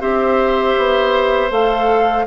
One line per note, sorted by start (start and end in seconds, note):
0.00 0.75 C4
0.00 1.50 G4
0.00 2.26 C5
0.00 1.51 E5
0.78 1.51 B3
1.50 2.26 A3
1.50 2.25 A4
1.50 2.27 F5